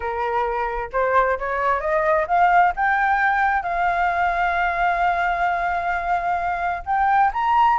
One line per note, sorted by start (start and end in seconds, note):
0.00 0.90 A#4
0.92 1.38 C5
1.38 1.80 C#5
1.80 2.26 D#5
2.27 2.73 F5
2.76 3.62 G5
3.62 6.83 F5
6.85 7.31 G5
7.33 7.78 A#5